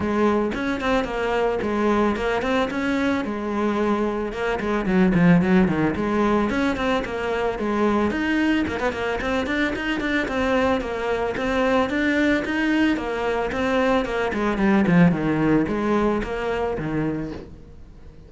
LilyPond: \new Staff \with { instrumentName = "cello" } { \time 4/4 \tempo 4 = 111 gis4 cis'8 c'8 ais4 gis4 | ais8 c'8 cis'4 gis2 | ais8 gis8 fis8 f8 fis8 dis8 gis4 | cis'8 c'8 ais4 gis4 dis'4 |
ais16 b16 ais8 c'8 d'8 dis'8 d'8 c'4 | ais4 c'4 d'4 dis'4 | ais4 c'4 ais8 gis8 g8 f8 | dis4 gis4 ais4 dis4 | }